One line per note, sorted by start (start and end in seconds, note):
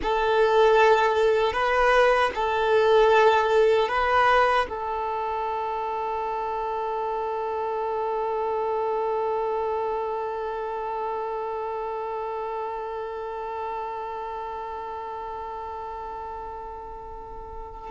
0.02 1.53 A4
1.53 2.31 B4
2.34 3.88 A4
3.88 4.66 B4
4.69 17.90 A4